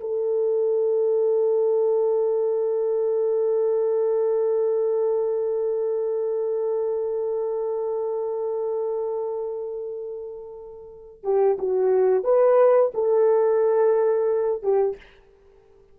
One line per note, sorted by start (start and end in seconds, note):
0.00 11.23 A4
11.23 11.57 G4
11.58 12.24 F#4
12.24 12.92 B4
12.94 14.62 A4
14.62 14.97 G4